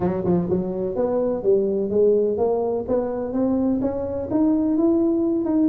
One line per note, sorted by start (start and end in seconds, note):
0.00 0.23 F#3
0.24 0.48 F3
0.49 0.95 F#3
0.95 1.43 B3
1.43 1.89 G3
1.89 2.37 G#3
2.37 2.85 A#3
2.88 3.32 B3
3.32 3.80 C4
3.81 4.29 C#4
4.30 4.77 D#4
4.77 5.45 E4
5.45 5.68 D#4